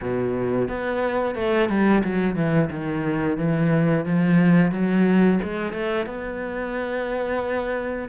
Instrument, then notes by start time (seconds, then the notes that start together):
cello
0.01 B2
0.68 B3
1.35 A3
1.69 G3
2.03 F#3
2.35 E3
2.70 D#3
3.37 E3
4.05 F3
4.71 F#3
5.43 G#3
5.72 A3
6.06 B3